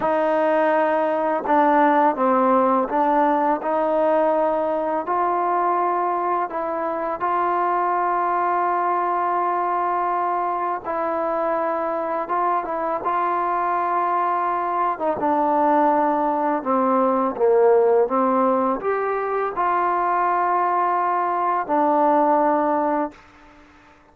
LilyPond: \new Staff \with { instrumentName = "trombone" } { \time 4/4 \tempo 4 = 83 dis'2 d'4 c'4 | d'4 dis'2 f'4~ | f'4 e'4 f'2~ | f'2. e'4~ |
e'4 f'8 e'8 f'2~ | f'8. dis'16 d'2 c'4 | ais4 c'4 g'4 f'4~ | f'2 d'2 | }